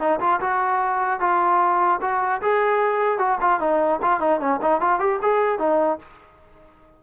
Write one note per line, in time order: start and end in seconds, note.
0.00 0.20 D#4
0.20 0.40 F4
0.41 1.21 F#4
1.21 2.01 F4
2.02 2.42 F#4
2.42 3.19 G#4
3.19 3.39 F#4
3.41 3.60 F4
3.60 4.00 D#4
4.02 4.21 F4
4.21 4.41 D#4
4.41 4.61 C#4
4.62 4.81 D#4
4.81 5.00 F4
5.00 5.20 G4
5.22 5.59 G#4
5.59 5.99 D#4